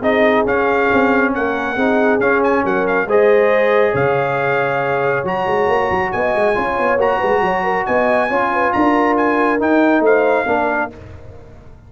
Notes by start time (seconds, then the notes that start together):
0.00 C4 D#4 G#4 D#5
0.45 C#4 F5
0.93 C4
1.34 A#3 A#4 F#5
1.75 C4 D#4 G#4
2.20 C#4 F5
2.43 G#5
2.64 F#3 A#4 F#5
2.87 F5
3.05 G#3 G#4 C5 D#5
3.91 C#3 C#5 F5
5.24 F#3 F#4 A#5
5.46 G#3
5.68 A#3
5.90 F#3
6.12 B3 D#5 G#5
6.35 G#3
6.54 C#4 F4 C#5
6.78 B3
6.96 A#3 F#4 A#5
7.18 G#3 B4
7.41 F#3 C#5
7.63 A#4
7.85 B3 D#5 G#5
8.29 C#4 F4 C#5
8.52 B4
8.72 D4 A#4 A#5
9.17 G#5
9.59 D#4 G5
10.00 A3 C5 F5
10.46 A#3 D4 A#4